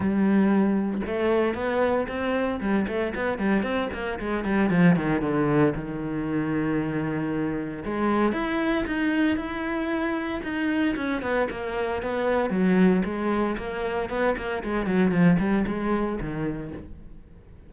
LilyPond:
\new Staff \with { instrumentName = "cello" } { \time 4/4 \tempo 4 = 115 g2 a4 b4 | c'4 g8 a8 b8 g8 c'8 ais8 | gis8 g8 f8 dis8 d4 dis4~ | dis2. gis4 |
e'4 dis'4 e'2 | dis'4 cis'8 b8 ais4 b4 | fis4 gis4 ais4 b8 ais8 | gis8 fis8 f8 g8 gis4 dis4 | }